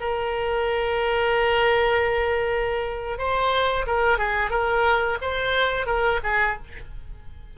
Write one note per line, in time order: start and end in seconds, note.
0.00 3.18 A#4
3.18 3.85 C5
3.86 4.18 A#4
4.18 4.50 G#4
4.50 5.18 A#4
5.21 5.86 C5
5.86 6.20 A#4
6.23 6.57 G#4